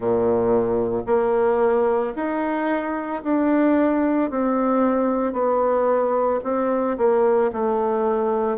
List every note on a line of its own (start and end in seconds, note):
0.00 1.03 A#2
1.06 2.13 A#3
2.15 3.22 D#4
3.23 4.30 D4
4.30 5.33 C4
5.33 6.40 B3
6.43 6.97 C4
6.97 7.51 A#3
7.52 8.57 A3